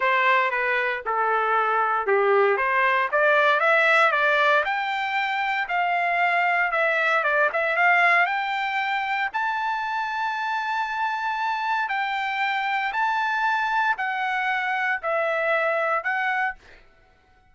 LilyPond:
\new Staff \with { instrumentName = "trumpet" } { \time 4/4 \tempo 4 = 116 c''4 b'4 a'2 | g'4 c''4 d''4 e''4 | d''4 g''2 f''4~ | f''4 e''4 d''8 e''8 f''4 |
g''2 a''2~ | a''2. g''4~ | g''4 a''2 fis''4~ | fis''4 e''2 fis''4 | }